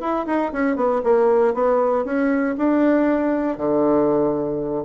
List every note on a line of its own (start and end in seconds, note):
0.00 0.25 E4
0.26 0.52 D#4
0.52 0.76 C#4
0.76 1.01 B3
1.04 1.54 A#3
1.54 2.05 B3
2.05 2.55 C#4
2.57 3.57 D4
3.57 4.84 D3